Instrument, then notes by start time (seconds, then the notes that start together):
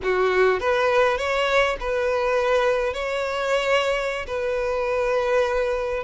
violin
0.03 F#4
0.60 B4
1.17 C#5
1.79 B4
2.93 C#5
4.26 B4